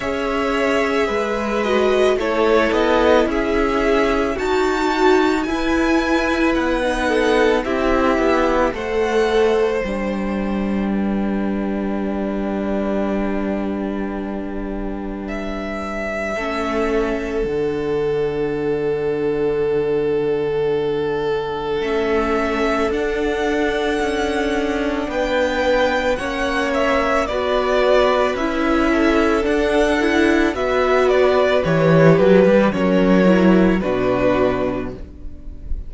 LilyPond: <<
  \new Staff \with { instrumentName = "violin" } { \time 4/4 \tempo 4 = 55 e''4. dis''8 cis''8 dis''8 e''4 | a''4 gis''4 fis''4 e''4 | fis''4 g''2.~ | g''2 e''2 |
fis''1 | e''4 fis''2 g''4 | fis''8 e''8 d''4 e''4 fis''4 | e''8 d''8 cis''8 b'8 cis''4 b'4 | }
  \new Staff \with { instrumentName = "violin" } { \time 4/4 cis''4 b'4 a'4 gis'4 | fis'4 b'4. a'8 g'4 | c''2 b'2~ | b'2. a'4~ |
a'1~ | a'2. b'4 | cis''4 b'4. a'4. | b'2 ais'4 fis'4 | }
  \new Staff \with { instrumentName = "viola" } { \time 4/4 gis'4. fis'8 e'2 | fis'4 e'4~ e'16 dis'8. e'4 | a'4 d'2.~ | d'2. cis'4 |
d'1 | cis'4 d'2. | cis'4 fis'4 e'4 d'8 e'8 | fis'4 g'4 cis'8 e'8 d'4 | }
  \new Staff \with { instrumentName = "cello" } { \time 4/4 cis'4 gis4 a8 b8 cis'4 | dis'4 e'4 b4 c'8 b8 | a4 g2.~ | g2. a4 |
d1 | a4 d'4 cis'4 b4 | ais4 b4 cis'4 d'4 | b4 e8 fis16 g16 fis4 b,4 | }
>>